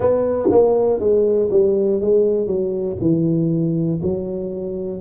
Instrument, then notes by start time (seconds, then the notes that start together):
tuba
0.00 B3
0.50 A#3
1.00 G#3
1.50 G3
2.00 G#3
2.46 F#3
3.00 E3
4.02 F#3